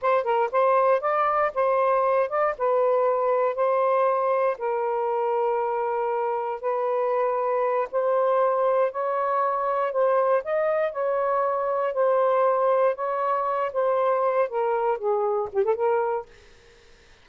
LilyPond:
\new Staff \with { instrumentName = "saxophone" } { \time 4/4 \tempo 4 = 118 c''8 ais'8 c''4 d''4 c''4~ | c''8 d''8 b'2 c''4~ | c''4 ais'2.~ | ais'4 b'2~ b'8 c''8~ |
c''4. cis''2 c''8~ | c''8 dis''4 cis''2 c''8~ | c''4. cis''4. c''4~ | c''8 ais'4 gis'4 g'16 a'16 ais'4 | }